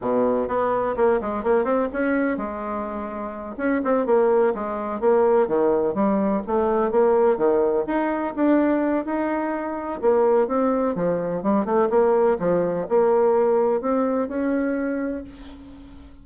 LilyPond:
\new Staff \with { instrumentName = "bassoon" } { \time 4/4 \tempo 4 = 126 b,4 b4 ais8 gis8 ais8 c'8 | cis'4 gis2~ gis8 cis'8 | c'8 ais4 gis4 ais4 dis8~ | dis8 g4 a4 ais4 dis8~ |
dis8 dis'4 d'4. dis'4~ | dis'4 ais4 c'4 f4 | g8 a8 ais4 f4 ais4~ | ais4 c'4 cis'2 | }